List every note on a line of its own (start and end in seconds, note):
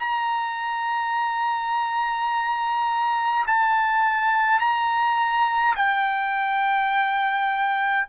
0.00 3.46 A#5
3.47 4.59 A5
4.59 5.75 A#5
5.76 8.07 G5